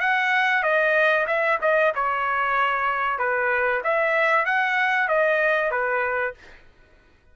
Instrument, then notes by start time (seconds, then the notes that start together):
trumpet
0.00 F#5
0.63 D#5
1.27 E5
1.61 D#5
1.95 C#5
3.18 B4
3.84 E5
4.45 F#5
5.08 D#5
5.71 B4